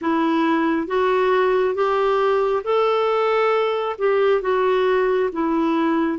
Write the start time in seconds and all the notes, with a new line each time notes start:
0.01 E4
0.87 F#4
1.74 G4
2.64 A4
3.98 G4
4.41 F#4
5.32 E4